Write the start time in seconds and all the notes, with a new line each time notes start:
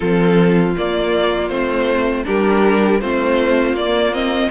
0.00 F3 C4 F4 A4
0.76 A#3 D5
1.48 A3 C4 C5
2.25 G3 D4 G4 A#4
3.00 A3 C4 F4 C5
3.73 A#3 D5
4.12 C4 D#5